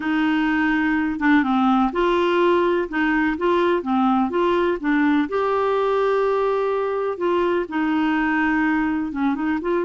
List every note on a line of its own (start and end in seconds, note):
0.00 1.19 D#4
1.19 1.43 D4
1.43 1.91 C4
1.92 2.88 F4
2.88 3.36 D#4
3.37 3.82 F4
3.82 4.30 C4
4.30 4.78 F4
4.80 5.28 D4
5.28 7.17 G4
7.17 7.65 F4
7.68 9.12 D#4
9.12 9.35 C#4
9.35 9.59 D#4
9.61 9.84 F4